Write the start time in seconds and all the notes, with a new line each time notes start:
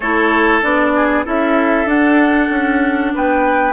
0.00 A3 E4 A4 C#5
0.62 B3 D4 D5
0.95 G#4
1.25 C#4 E4 A4 E5
1.85 D4 F#5
2.50 C#4
3.14 B3 B4 G5